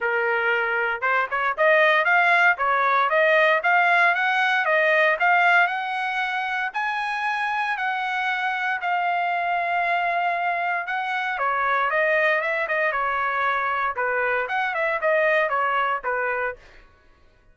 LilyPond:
\new Staff \with { instrumentName = "trumpet" } { \time 4/4 \tempo 4 = 116 ais'2 c''8 cis''8 dis''4 | f''4 cis''4 dis''4 f''4 | fis''4 dis''4 f''4 fis''4~ | fis''4 gis''2 fis''4~ |
fis''4 f''2.~ | f''4 fis''4 cis''4 dis''4 | e''8 dis''8 cis''2 b'4 | fis''8 e''8 dis''4 cis''4 b'4 | }